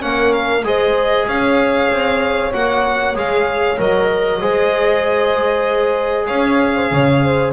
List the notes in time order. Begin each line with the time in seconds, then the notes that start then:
0.00 A#3 C#4 A#4 F#5
0.33 F5
0.64 G#3 G#4 C5 D#5
1.27 C#4 C#5 F5
1.91 C4
2.52 A#3 F#4 F#5
3.15 G#3 G#4 F5
3.78 F#3 A#4 D#5
4.40 G#3 G#4 C5
6.27 C#4 C#5 F5
6.75 C5
6.92 C#3 C#5
7.24 C5